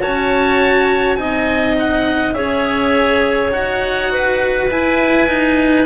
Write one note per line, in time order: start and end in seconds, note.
0.00 1.17 C#4
0.00 1.18 F#4
0.00 1.18 C#5
0.00 1.16 A5
1.16 2.34 C4
1.16 2.35 D#4
1.16 2.36 D#5
1.16 1.75 G#5
1.79 2.34 F#5
2.34 3.51 C#4
2.34 3.52 G#4
2.34 4.12 C#5
2.34 3.51 E5
3.51 4.68 D#4
3.51 4.70 F#4
3.51 4.71 F#5
4.12 5.87 B4
4.68 5.86 E4
4.68 5.28 E4
4.68 5.87 G#5
5.28 5.87 D#4